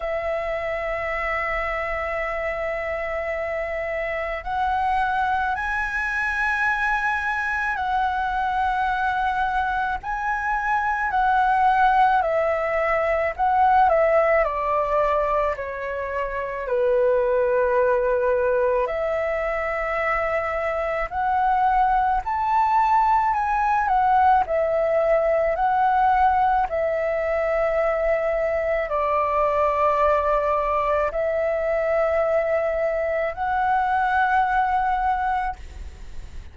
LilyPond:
\new Staff \with { instrumentName = "flute" } { \time 4/4 \tempo 4 = 54 e''1 | fis''4 gis''2 fis''4~ | fis''4 gis''4 fis''4 e''4 | fis''8 e''8 d''4 cis''4 b'4~ |
b'4 e''2 fis''4 | a''4 gis''8 fis''8 e''4 fis''4 | e''2 d''2 | e''2 fis''2 | }